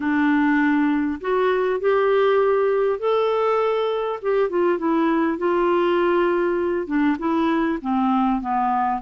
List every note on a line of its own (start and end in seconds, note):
0.00 1.19 D4
1.20 1.80 F#4
1.80 2.99 G4
2.99 4.19 A4
4.22 4.49 G4
4.49 4.78 F4
4.78 5.38 E4
5.38 6.86 F4
6.86 7.16 D4
7.18 7.78 E4
7.81 8.41 C4
8.41 9.01 B3